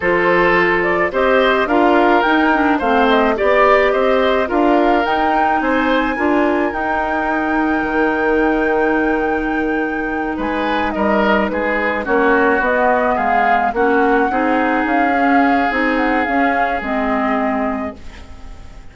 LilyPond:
<<
  \new Staff \with { instrumentName = "flute" } { \time 4/4 \tempo 4 = 107 c''4. d''8 dis''4 f''4 | g''4 f''8 dis''8 d''4 dis''4 | f''4 g''4 gis''2 | g''1~ |
g''2~ g''8 gis''4 dis''8~ | dis''8 b'4 cis''4 dis''4 f''8~ | f''8 fis''2 f''4. | gis''8 fis''8 f''4 dis''2 | }
  \new Staff \with { instrumentName = "oboe" } { \time 4/4 a'2 c''4 ais'4~ | ais'4 c''4 d''4 c''4 | ais'2 c''4 ais'4~ | ais'1~ |
ais'2~ ais'8 b'4 ais'8~ | ais'8 gis'4 fis'2 gis'8~ | gis'8 fis'4 gis'2~ gis'8~ | gis'1 | }
  \new Staff \with { instrumentName = "clarinet" } { \time 4/4 f'2 g'4 f'4 | dis'8 d'8 c'4 g'2 | f'4 dis'2 f'4 | dis'1~ |
dis'1~ | dis'4. cis'4 b4.~ | b8 cis'4 dis'4. cis'4 | dis'4 cis'4 c'2 | }
  \new Staff \with { instrumentName = "bassoon" } { \time 4/4 f2 c'4 d'4 | dis'4 a4 b4 c'4 | d'4 dis'4 c'4 d'4 | dis'2 dis2~ |
dis2~ dis8 gis4 g8~ | g8 gis4 ais4 b4 gis8~ | gis8 ais4 c'4 cis'4. | c'4 cis'4 gis2 | }
>>